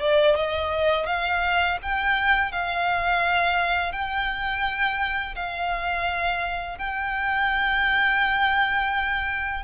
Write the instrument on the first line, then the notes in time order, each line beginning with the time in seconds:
violin
0.00 D5
0.36 D#5
1.06 F5
1.82 G5
2.52 F5
3.92 G5
5.35 F5
6.78 G5